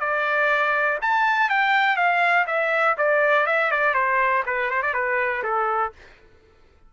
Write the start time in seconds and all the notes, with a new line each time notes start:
0.00 D5
1.02 A5
1.50 G5
1.96 F5
2.47 E5
2.98 D5
3.46 E5
3.71 D5
3.94 C5
4.46 B4
4.70 C5
4.82 D5
4.94 B4
5.43 A4